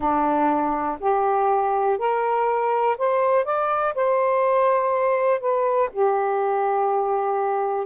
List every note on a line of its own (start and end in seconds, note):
0.00 0.98 D4
1.00 1.98 G4
1.98 2.96 A#4
2.98 3.44 C5
3.44 3.93 D5
3.94 5.40 C5
5.40 5.89 B4
5.92 7.86 G4